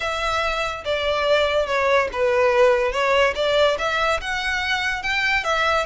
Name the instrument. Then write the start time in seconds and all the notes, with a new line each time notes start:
violin
0.00 E5
0.84 D5
1.66 C#5
2.12 B4
2.92 C#5
3.35 D5
3.78 E5
4.20 F#5
5.02 G5
5.43 E5